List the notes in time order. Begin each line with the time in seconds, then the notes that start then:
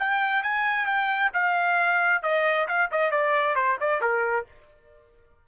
0.00 G5
0.43 G#5
0.86 G5
1.34 F5
2.23 D#5
2.68 F5
2.92 D#5
3.11 D5
3.56 C5
3.81 D5
4.02 A#4